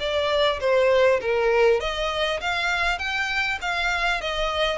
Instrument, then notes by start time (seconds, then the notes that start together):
violin
0.00 D5
0.61 C5
1.21 A#4
1.80 D#5
2.41 F5
2.99 G5
3.62 F5
4.21 D#5